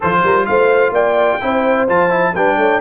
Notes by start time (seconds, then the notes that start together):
0.00 F3 F4 A4 C5
0.24 G3 A#4
0.46 A3 C5 F5
0.90 A#3 D5 G5
1.41 C4 E4 C5
1.88 F3 F4 A5
2.09 E4
2.33 G3 D4 B4 G5
2.56 A3 C#5